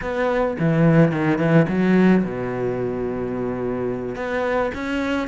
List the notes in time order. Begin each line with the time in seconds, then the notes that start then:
0.01 B3
0.59 E3
1.11 D#3
1.38 E3
1.68 F#3
2.23 B2
4.15 B3
4.74 C#4